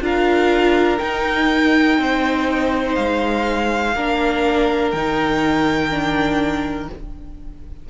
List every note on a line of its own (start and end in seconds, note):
0.00 0.98 D4
0.00 0.98 F4
0.00 2.00 A#4
0.00 0.98 F5
0.98 3.93 D#4
0.98 1.98 D#4
0.98 2.94 G5
1.98 2.96 C4
1.98 3.94 C5
2.94 3.95 G#3
2.94 4.91 F5
3.94 4.92 A#3
3.94 4.95 D4
3.94 6.89 A#4
4.91 6.89 D#3
4.91 5.90 D#4
4.91 6.87 G5
5.90 6.88 D4